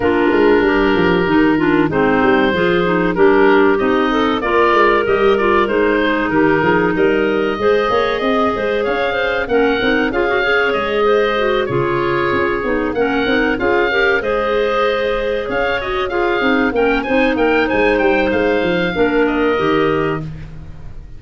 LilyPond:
<<
  \new Staff \with { instrumentName = "oboe" } { \time 4/4 \tempo 4 = 95 ais'2. c''4~ | c''4 ais'4 dis''4 d''4 | dis''8 d''8 c''4 ais'4 dis''4~ | dis''2 f''4 fis''4 |
f''4 dis''4. cis''4.~ | cis''8 fis''4 f''4 dis''4.~ | dis''8 f''8 dis''8 f''4 g''8 gis''8 g''8 | gis''8 g''8 f''4. dis''4. | }
  \new Staff \with { instrumentName = "clarinet" } { \time 4/4 f'4 g'4. f'8 dis'4 | gis'4 g'4. a'8 ais'4~ | ais'4. gis'8 g'8 gis'8 ais'4 | c''8 cis''8 dis''8 c''8 cis''8 c''8 ais'4 |
gis'8 cis''4 c''4 gis'4.~ | gis'8 ais'4 gis'8 ais'8 c''4.~ | c''8 cis''4 gis'4 ais'8 c''8 ais'8 | c''2 ais'2 | }
  \new Staff \with { instrumentName = "clarinet" } { \time 4/4 d'2 dis'8 d'8 c'4 | f'8 dis'8 d'4 dis'4 f'4 | g'8 f'8 dis'2. | gis'2. cis'8 dis'8 |
f'16 fis'16 gis'4. fis'8 f'4. | dis'8 cis'8 dis'8 f'8 g'8 gis'4.~ | gis'4 fis'8 f'8 dis'8 cis'8 dis'4~ | dis'2 d'4 g'4 | }
  \new Staff \with { instrumentName = "tuba" } { \time 4/4 ais8 gis8 g8 f8 dis4 gis8 g8 | f4 g4 c'4 ais8 gis8 | g4 gis4 dis8 f8 g4 | gis8 ais8 c'8 gis8 cis'4 ais8 c'8 |
cis'4 gis4. cis4 cis'8 | b8 ais8 c'8 cis'4 gis4.~ | gis8 cis'4. c'8 ais8 c'8 ais8 | gis8 g8 gis8 f8 ais4 dis4 | }
>>